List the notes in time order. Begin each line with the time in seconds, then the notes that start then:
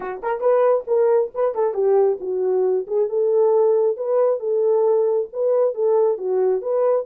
0.00 F#4
0.22 A#4
0.40 B4
0.87 A#4
1.34 B4
1.54 A4
1.74 G4
2.20 F#4
2.87 G#4
3.09 A4
3.96 B4
4.39 A4
5.32 B4
5.74 A4
6.17 F#4
6.61 B4